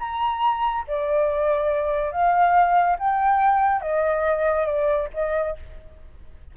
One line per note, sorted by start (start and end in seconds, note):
0.00 0.85 A#5
0.88 2.12 D5
2.12 2.97 F5
2.99 3.81 G5
3.81 4.66 D#5
4.66 5.09 D5
5.14 5.57 D#5